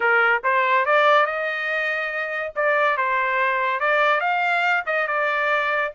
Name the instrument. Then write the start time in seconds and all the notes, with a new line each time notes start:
trumpet
0.00 A#4
0.43 C5
0.85 D5
1.26 D#5
2.55 D5
2.97 C5
3.80 D5
4.20 F5
4.86 D#5
5.07 D5